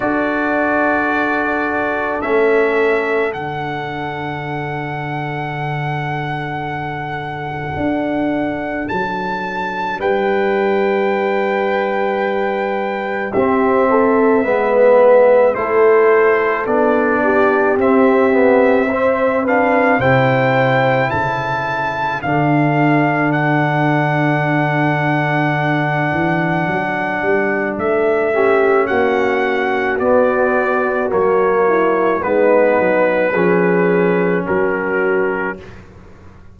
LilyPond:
<<
  \new Staff \with { instrumentName = "trumpet" } { \time 4/4 \tempo 4 = 54 d''2 e''4 fis''4~ | fis''1 | a''4 g''2. | e''2 c''4 d''4 |
e''4. f''8 g''4 a''4 | f''4 fis''2.~ | fis''4 e''4 fis''4 d''4 | cis''4 b'2 ais'4 | }
  \new Staff \with { instrumentName = "horn" } { \time 4/4 a'1~ | a'1~ | a'4 b'2. | g'8 a'8 b'4 a'4. g'8~ |
g'4 c''8 b'8 c''4 a'4~ | a'1~ | a'4. g'8 fis'2~ | fis'8 e'8 dis'4 gis'4 fis'4 | }
  \new Staff \with { instrumentName = "trombone" } { \time 4/4 fis'2 cis'4 d'4~ | d'1~ | d'1 | c'4 b4 e'4 d'4 |
c'8 b8 c'8 d'8 e'2 | d'1~ | d'4. cis'4. b4 | ais4 b4 cis'2 | }
  \new Staff \with { instrumentName = "tuba" } { \time 4/4 d'2 a4 d4~ | d2. d'4 | fis4 g2. | c'4 gis4 a4 b4 |
c'2 c4 cis4 | d2.~ d8 e8 | fis8 g8 a4 ais4 b4 | fis4 gis8 fis8 f4 fis4 | }
>>